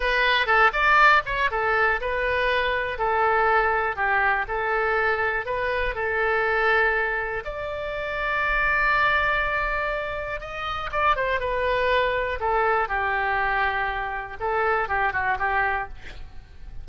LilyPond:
\new Staff \with { instrumentName = "oboe" } { \time 4/4 \tempo 4 = 121 b'4 a'8 d''4 cis''8 a'4 | b'2 a'2 | g'4 a'2 b'4 | a'2. d''4~ |
d''1~ | d''4 dis''4 d''8 c''8 b'4~ | b'4 a'4 g'2~ | g'4 a'4 g'8 fis'8 g'4 | }